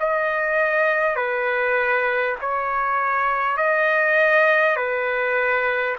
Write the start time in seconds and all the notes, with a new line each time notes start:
0.00 D#5
1.16 B4
2.41 C#5
3.57 D#5
4.76 B4